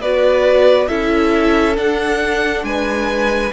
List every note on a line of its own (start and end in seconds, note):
0.00 0.88 B3
0.00 0.89 F#4
0.00 0.90 B4
0.00 0.88 D5
0.88 1.78 C#4
0.88 1.76 E4
0.88 2.66 A4
0.88 1.76 E5
1.76 3.53 D4
1.76 2.64 D4
1.76 2.65 F#5
2.64 3.52 G#3
2.64 3.53 B4
2.64 3.53 G#5